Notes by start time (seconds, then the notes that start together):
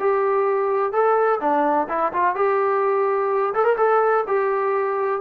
0.00 G4
0.93 A4
1.41 D4
1.89 E4
2.13 F4
2.36 G4
3.54 A4
3.65 A#4
3.78 A4
4.28 G4